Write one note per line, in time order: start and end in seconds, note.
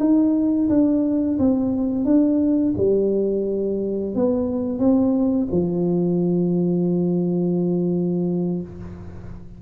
0.00 0.69 D#4
0.70 1.39 D4
1.39 2.05 C4
2.05 2.74 D4
2.78 4.15 G3
4.15 4.79 B3
4.79 5.48 C4
5.52 8.62 F3